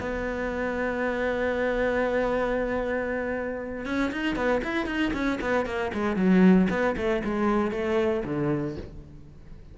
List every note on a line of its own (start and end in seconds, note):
0.00 3.85 B3
3.85 4.11 C#4
4.12 4.36 D#4
4.36 4.62 B3
4.64 4.86 E4
4.86 5.12 D#4
5.13 5.39 C#4
5.41 5.66 B3
5.66 5.92 A#3
5.94 6.16 G#3
6.16 6.68 F#3
6.70 6.96 B3
6.97 7.23 A3
7.24 7.71 G#3
7.71 8.23 A3
8.25 8.76 D3